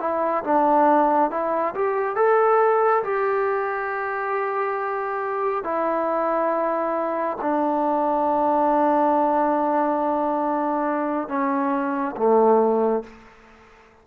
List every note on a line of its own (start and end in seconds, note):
0.00 0.43 E4
0.44 1.31 D4
1.31 1.74 E4
1.75 2.16 G4
2.16 3.03 A4
3.04 5.64 G4
5.64 7.38 E4
7.42 11.28 D4
11.28 12.15 C#4
12.17 13.04 A3